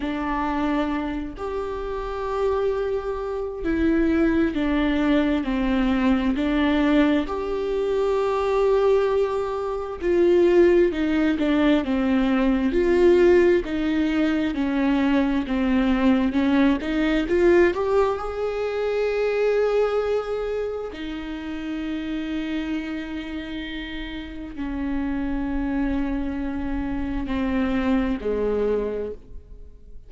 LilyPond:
\new Staff \with { instrumentName = "viola" } { \time 4/4 \tempo 4 = 66 d'4. g'2~ g'8 | e'4 d'4 c'4 d'4 | g'2. f'4 | dis'8 d'8 c'4 f'4 dis'4 |
cis'4 c'4 cis'8 dis'8 f'8 g'8 | gis'2. dis'4~ | dis'2. cis'4~ | cis'2 c'4 gis4 | }